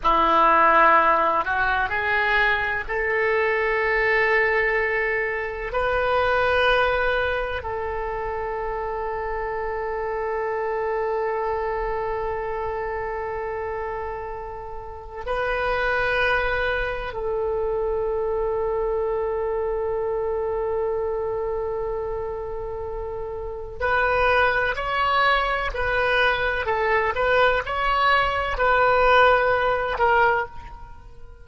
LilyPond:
\new Staff \with { instrumentName = "oboe" } { \time 4/4 \tempo 4 = 63 e'4. fis'8 gis'4 a'4~ | a'2 b'2 | a'1~ | a'1 |
b'2 a'2~ | a'1~ | a'4 b'4 cis''4 b'4 | a'8 b'8 cis''4 b'4. ais'8 | }